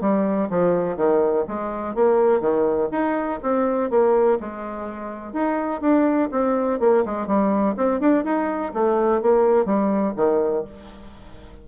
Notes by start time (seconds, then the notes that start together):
0.00 G3
0.49 F3
0.96 D#3
1.47 G#3
1.94 A#3
2.40 D#3
2.91 D#4
3.42 C4
3.90 A#3
4.40 G#3
5.33 D#4
5.81 D4
6.31 C4
6.80 A#3
7.05 G#3
7.27 G3
7.76 C4
8.00 D4
8.24 D#4
8.73 A3
9.21 A#3
9.65 G3
10.16 D#3